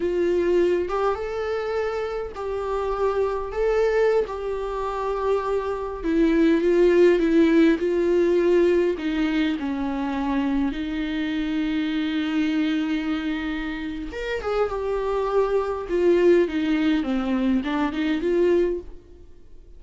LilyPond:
\new Staff \with { instrumentName = "viola" } { \time 4/4 \tempo 4 = 102 f'4. g'8 a'2 | g'2 a'4~ a'16 g'8.~ | g'2~ g'16 e'4 f'8.~ | f'16 e'4 f'2 dis'8.~ |
dis'16 cis'2 dis'4.~ dis'16~ | dis'1 | ais'8 gis'8 g'2 f'4 | dis'4 c'4 d'8 dis'8 f'4 | }